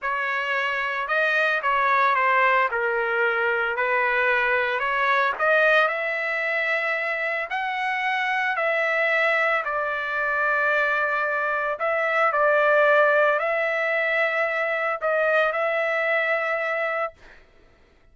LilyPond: \new Staff \with { instrumentName = "trumpet" } { \time 4/4 \tempo 4 = 112 cis''2 dis''4 cis''4 | c''4 ais'2 b'4~ | b'4 cis''4 dis''4 e''4~ | e''2 fis''2 |
e''2 d''2~ | d''2 e''4 d''4~ | d''4 e''2. | dis''4 e''2. | }